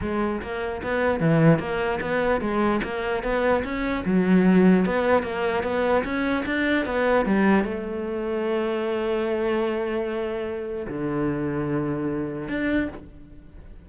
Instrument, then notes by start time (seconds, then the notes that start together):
cello
0.01 G#3
0.42 A#3
0.82 B3
1.20 E3
1.59 A#3
2.00 B3
2.40 G#3
2.83 A#3
3.23 B3
3.64 C#4
4.05 F#3
4.85 B3
5.23 A#3
5.63 B3
6.04 C#4
6.45 D4
6.85 B3
7.25 G3
7.64 A3
10.87 D3
12.48 D4